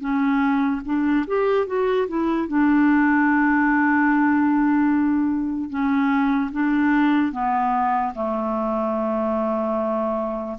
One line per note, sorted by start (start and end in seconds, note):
0.00 0.81 C#4
0.85 1.25 D4
1.27 1.67 G4
1.67 2.07 F#4
2.07 2.48 E4
2.48 5.69 D4
5.69 6.50 C#4
6.52 7.32 D4
7.32 8.13 B3
8.14 10.58 A3